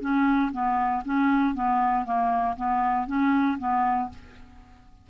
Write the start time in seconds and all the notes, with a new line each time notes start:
0.00 C#4
0.52 B3
1.04 C#4
1.54 B3
2.05 A#3
2.56 B3
3.06 C#4
3.58 B3